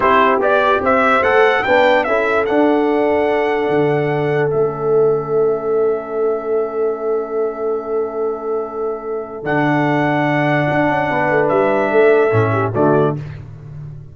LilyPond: <<
  \new Staff \with { instrumentName = "trumpet" } { \time 4/4 \tempo 4 = 146 c''4 d''4 e''4 fis''4 | g''4 e''4 fis''2~ | fis''2. e''4~ | e''1~ |
e''1~ | e''2. fis''4~ | fis''1 | e''2. d''4 | }
  \new Staff \with { instrumentName = "horn" } { \time 4/4 g'2 c''2 | b'4 a'2.~ | a'1~ | a'1~ |
a'1~ | a'1~ | a'2. b'4~ | b'4 a'4. g'8 fis'4 | }
  \new Staff \with { instrumentName = "trombone" } { \time 4/4 e'4 g'2 a'4 | d'4 e'4 d'2~ | d'2. cis'4~ | cis'1~ |
cis'1~ | cis'2. d'4~ | d'1~ | d'2 cis'4 a4 | }
  \new Staff \with { instrumentName = "tuba" } { \time 4/4 c'4 b4 c'4 a4 | b4 cis'4 d'2~ | d'4 d2 a4~ | a1~ |
a1~ | a2. d4~ | d2 d'8 cis'8 b8 a8 | g4 a4 a,4 d4 | }
>>